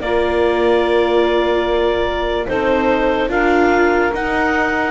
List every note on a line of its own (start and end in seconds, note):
0.00 2.47 A#3
0.00 2.47 F4
0.00 2.47 A#4
0.00 2.47 D5
2.47 3.29 C4
2.47 3.29 D#4
2.47 3.29 A4
2.47 3.30 C5
3.29 4.11 D4
3.29 4.12 F4
3.29 4.91 A#4
3.29 4.13 F5
4.13 4.91 D#4
4.13 4.91 F#5